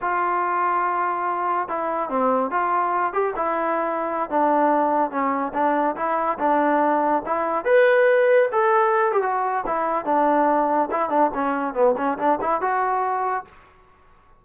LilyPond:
\new Staff \with { instrumentName = "trombone" } { \time 4/4 \tempo 4 = 143 f'1 | e'4 c'4 f'4. g'8 | e'2~ e'16 d'4.~ d'16~ | d'16 cis'4 d'4 e'4 d'8.~ |
d'4~ d'16 e'4 b'4.~ b'16~ | b'16 a'4. g'16 fis'4 e'4 | d'2 e'8 d'8 cis'4 | b8 cis'8 d'8 e'8 fis'2 | }